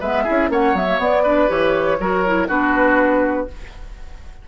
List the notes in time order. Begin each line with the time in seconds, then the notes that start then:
0.00 G#3 B3 B4 E5
0.24 E4 G#4
0.30 C#4
0.50 A#3 C#4 C#5 F#5
0.74 F#3 B3 E5
0.87 A#3
0.98 B3 D5
1.23 D4 B4
1.48 E3 G4 C#5
1.99 F#3 F#4 A#4
2.26 E4
2.48 B3 D4 F#4 B4